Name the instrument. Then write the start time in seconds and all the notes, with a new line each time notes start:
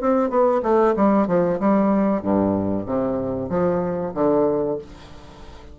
bassoon
0.00 C4
0.29 B3
0.62 A3
0.96 G3
1.27 F3
1.59 G3
2.22 G2
2.85 C3
3.49 F3
4.14 D3